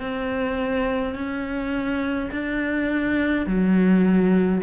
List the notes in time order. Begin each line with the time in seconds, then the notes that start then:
0.00 C4
1.15 C#4
2.31 D4
3.46 F#3